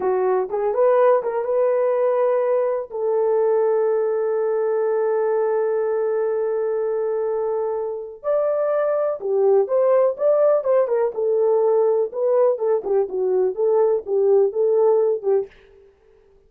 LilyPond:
\new Staff \with { instrumentName = "horn" } { \time 4/4 \tempo 4 = 124 fis'4 gis'8 b'4 ais'8 b'4~ | b'2 a'2~ | a'1~ | a'1~ |
a'4 d''2 g'4 | c''4 d''4 c''8 ais'8 a'4~ | a'4 b'4 a'8 g'8 fis'4 | a'4 g'4 a'4. g'8 | }